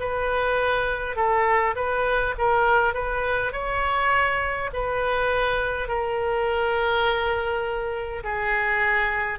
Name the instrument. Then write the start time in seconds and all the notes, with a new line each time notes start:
oboe
0.00 B4
1.17 A4
1.76 B4
2.39 A#4
2.94 B4
3.53 C#5
4.74 B4
5.88 A#4
8.24 G#4